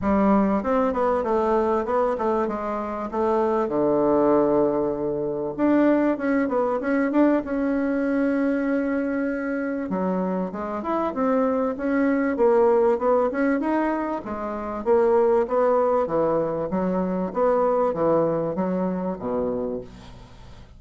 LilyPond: \new Staff \with { instrumentName = "bassoon" } { \time 4/4 \tempo 4 = 97 g4 c'8 b8 a4 b8 a8 | gis4 a4 d2~ | d4 d'4 cis'8 b8 cis'8 d'8 | cis'1 |
fis4 gis8 e'8 c'4 cis'4 | ais4 b8 cis'8 dis'4 gis4 | ais4 b4 e4 fis4 | b4 e4 fis4 b,4 | }